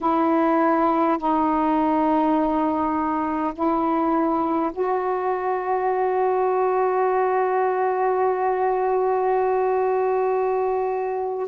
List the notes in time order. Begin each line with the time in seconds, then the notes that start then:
0.01 E4
1.18 D#4
3.53 E4
4.73 F#4